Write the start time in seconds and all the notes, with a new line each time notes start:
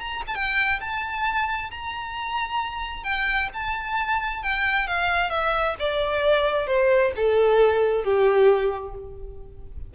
0.00 A#5
0.27 A5
0.35 G5
0.81 A5
1.71 A#5
3.04 G5
3.54 A5
4.43 G5
4.87 F5
5.30 E5
5.79 D5
6.67 C5
7.16 A4
8.04 G4